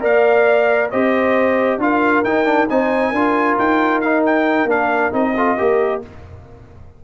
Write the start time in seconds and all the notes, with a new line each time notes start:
0.00 A#3 A#4 D5 F5
0.90 C4 G4 C5 D#5
1.77 D4 F4 A#4 F5
2.24 D#4 G5
2.44 D4
2.69 C4 D#4 C5 G#5
3.10 D4 F4 A#4
3.58 D#4 G5
4.00 D#4 F5
4.25 G5
4.65 A#3 D4 F5
5.11 C4 D#4 D#5
5.35 F4 A4
5.57 A#3 G4 A#4